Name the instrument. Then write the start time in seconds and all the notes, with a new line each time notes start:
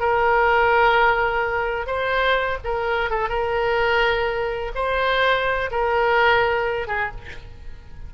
oboe
0.00 A#4
1.87 C5
2.65 A#4
3.11 A4
3.29 A#4
4.76 C5
5.72 A#4
6.88 G#4